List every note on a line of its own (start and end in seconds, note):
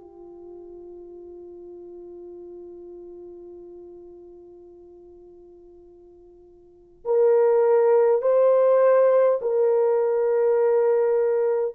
0.00 7.05 F4
7.05 8.22 A#4
8.22 9.40 C5
9.41 11.75 A#4